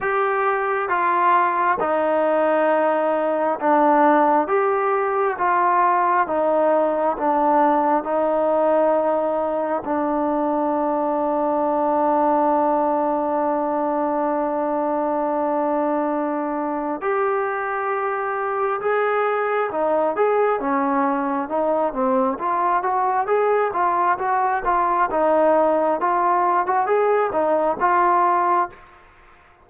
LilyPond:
\new Staff \with { instrumentName = "trombone" } { \time 4/4 \tempo 4 = 67 g'4 f'4 dis'2 | d'4 g'4 f'4 dis'4 | d'4 dis'2 d'4~ | d'1~ |
d'2. g'4~ | g'4 gis'4 dis'8 gis'8 cis'4 | dis'8 c'8 f'8 fis'8 gis'8 f'8 fis'8 f'8 | dis'4 f'8. fis'16 gis'8 dis'8 f'4 | }